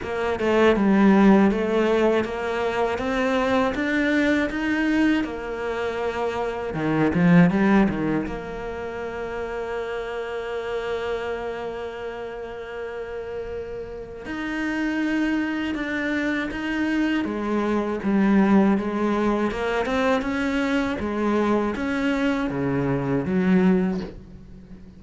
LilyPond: \new Staff \with { instrumentName = "cello" } { \time 4/4 \tempo 4 = 80 ais8 a8 g4 a4 ais4 | c'4 d'4 dis'4 ais4~ | ais4 dis8 f8 g8 dis8 ais4~ | ais1~ |
ais2. dis'4~ | dis'4 d'4 dis'4 gis4 | g4 gis4 ais8 c'8 cis'4 | gis4 cis'4 cis4 fis4 | }